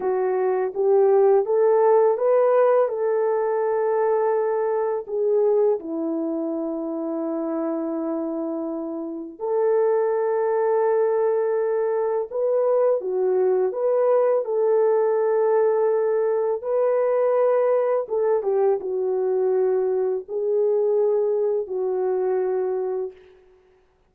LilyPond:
\new Staff \with { instrumentName = "horn" } { \time 4/4 \tempo 4 = 83 fis'4 g'4 a'4 b'4 | a'2. gis'4 | e'1~ | e'4 a'2.~ |
a'4 b'4 fis'4 b'4 | a'2. b'4~ | b'4 a'8 g'8 fis'2 | gis'2 fis'2 | }